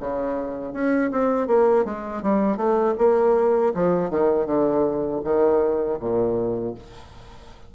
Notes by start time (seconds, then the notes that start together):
0.00 C#3
0.74 C#4
1.11 C4
1.48 A#3
1.85 G#3
2.23 G3
2.57 A3
2.98 A#3
3.75 F3
4.10 D#3
4.46 D3
5.24 D#3
6.00 A#2